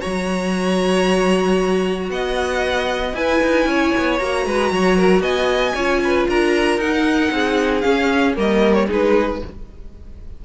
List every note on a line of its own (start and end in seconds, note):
0.00 2.10 F#3
0.00 3.13 F#4
0.00 2.10 C#5
0.00 2.10 A#5
2.10 3.14 B3
2.10 3.17 D#5
2.10 3.15 F#5
3.14 3.40 E4
3.14 4.20 E4
3.14 3.69 B4
3.14 4.19 G#5
3.44 3.66 D#4
3.66 3.92 C#4
3.66 4.47 C#5
3.98 4.21 B3
4.19 4.46 A#3
4.19 5.76 F#4
4.19 5.22 A#5
4.46 4.72 G#3
4.46 4.73 B4
4.72 5.21 F#3
4.72 4.97 C#5
4.97 5.23 A#4
5.21 5.73 B3
5.21 5.74 D#5
5.21 6.27 G#5
5.74 6.28 C#4
5.74 6.82 F4
5.74 6.00 C#5
6.04 6.29 B4
6.28 6.78 D4
6.28 7.33 A#4
6.28 6.80 A#5
6.78 7.30 D#4
6.78 7.83 D#4
6.78 7.81 F#5
7.32 7.84 C4
7.32 8.36 G#4
7.81 8.35 C#4
7.81 8.37 C#4
7.81 8.33 F5
8.36 8.89 G3
8.36 8.88 A#3
8.36 8.87 A#4
8.36 8.74 D#5
8.74 8.87 C#5
8.87 9.42 G#3
8.87 9.41 D#4
8.87 9.39 G#4
8.87 9.45 B4